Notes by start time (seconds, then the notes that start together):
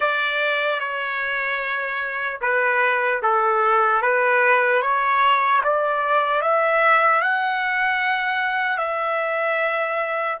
0.00 D5
0.80 C#5
2.41 B4
3.22 A4
4.01 B4
4.81 C#5
5.63 D5
6.41 E5
7.21 F#5
8.77 E5